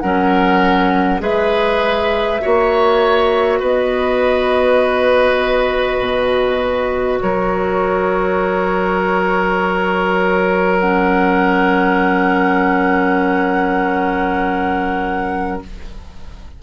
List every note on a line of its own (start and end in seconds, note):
0.00 1.21 F#3
0.00 1.20 C#4
0.00 1.22 A#4
0.00 1.20 F#5
1.20 2.41 G#3
1.20 2.40 G#4
1.20 2.42 B4
1.20 3.62 E5
2.41 3.61 A#3
2.41 10.81 F#4
2.41 3.60 C#5
3.60 6.00 B3
3.60 7.20 B4
3.60 7.21 D#5
6.00 7.20 B2
7.21 15.63 F#3
7.21 15.63 A#4
7.21 10.79 C#5
10.79 15.63 C#4
10.79 15.60 F#5